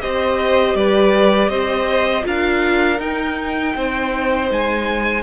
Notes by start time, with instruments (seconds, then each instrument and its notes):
0.00 cello C4, viola G4, violin C5 D#5
0.74 cello G3, violin B4 D5
1.48 cello C4, violin C5 D#5
2.22 cello D4, viola F4, violin A#4 F5
2.99 cello D#4, viola D#4, violin G5
3.75 cello C4, violin C5
4.50 cello G#3, violin G#5